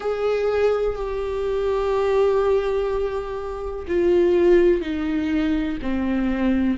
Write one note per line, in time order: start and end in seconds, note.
0.00 0.95 G#4
0.95 3.85 G4
3.87 4.81 F4
4.81 5.78 D#4
5.82 6.77 C4